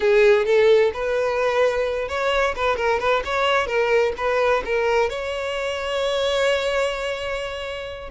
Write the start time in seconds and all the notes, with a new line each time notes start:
0.00 G#4
0.45 A4
0.93 B4
2.08 C#5
2.55 B4
2.76 A#4
2.99 B4
3.24 C#5
3.66 A#4
4.17 B4
4.65 A#4
5.09 C#5